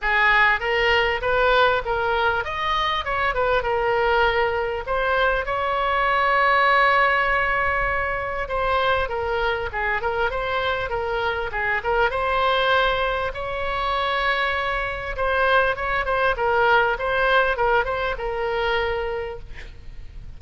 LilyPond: \new Staff \with { instrumentName = "oboe" } { \time 4/4 \tempo 4 = 99 gis'4 ais'4 b'4 ais'4 | dis''4 cis''8 b'8 ais'2 | c''4 cis''2.~ | cis''2 c''4 ais'4 |
gis'8 ais'8 c''4 ais'4 gis'8 ais'8 | c''2 cis''2~ | cis''4 c''4 cis''8 c''8 ais'4 | c''4 ais'8 c''8 ais'2 | }